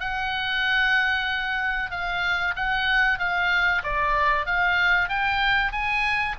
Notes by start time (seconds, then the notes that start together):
0.00 F#5
1.91 F5
2.56 F#5
3.19 F5
3.83 D5
4.46 F5
5.09 G5
5.72 G#5